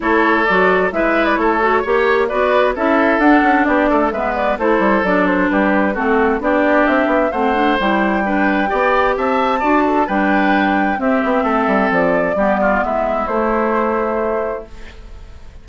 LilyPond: <<
  \new Staff \with { instrumentName = "flute" } { \time 4/4 \tempo 4 = 131 cis''4 d''4 e''8. d''16 cis''4~ | cis''4 d''4 e''4 fis''4 | d''4 e''8 d''8 c''4 d''8 c''8 | b'4 a'4 d''4 e''4 |
fis''4 g''2. | a''2 g''2 | e''2 d''2 | e''4 c''2. | }
  \new Staff \with { instrumentName = "oboe" } { \time 4/4 a'2 b'4 a'4 | cis''4 b'4 a'2 | g'8 a'8 b'4 a'2 | g'4 fis'4 g'2 |
c''2 b'4 d''4 | e''4 d''8 a'8 b'2 | g'4 a'2 g'8 f'8 | e'1 | }
  \new Staff \with { instrumentName = "clarinet" } { \time 4/4 e'4 fis'4 e'4. fis'8 | g'4 fis'4 e'4 d'4~ | d'4 b4 e'4 d'4~ | d'4 c'4 d'2 |
c'8 d'8 e'4 d'4 g'4~ | g'4 fis'4 d'2 | c'2. b4~ | b4 a2. | }
  \new Staff \with { instrumentName = "bassoon" } { \time 4/4 a4 fis4 gis4 a4 | ais4 b4 cis'4 d'8 cis'8 | b8 a8 gis4 a8 g8 fis4 | g4 a4 b4 c'8 b8 |
a4 g2 b4 | c'4 d'4 g2 | c'8 b8 a8 g8 f4 g4 | gis4 a2. | }
>>